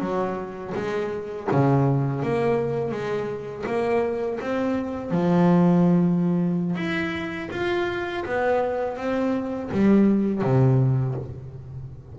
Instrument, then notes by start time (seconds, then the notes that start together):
double bass
0.00 F#3
0.75 G#3
1.51 C#3
2.23 A#3
2.92 G#3
3.66 A#3
4.41 C4
5.11 F3
6.76 E4
7.51 F4
8.25 B3
8.97 C4
9.72 G3
10.42 C3